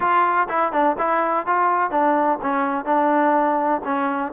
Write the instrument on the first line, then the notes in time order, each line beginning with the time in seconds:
trombone
0.00 F4
0.48 E4
0.72 D4
0.98 E4
1.46 F4
1.90 D4
2.41 C#4
2.85 D4
3.84 C#4